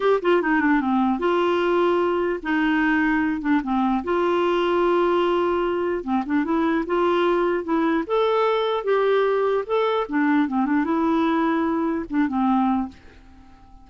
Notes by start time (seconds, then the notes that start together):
0.00 G4
0.22 F4
0.41 D#4
0.61 D4
0.80 C4
1.19 F4
2.43 D#4
3.41 D4
3.63 C4
4.03 F4
6.03 C4
6.25 D4
6.44 E4
6.86 F4
7.63 E4
8.06 A4
8.84 G4
9.66 A4
10.08 D4
10.48 C4
10.65 D4
10.84 E4
12.09 D4
12.28 C4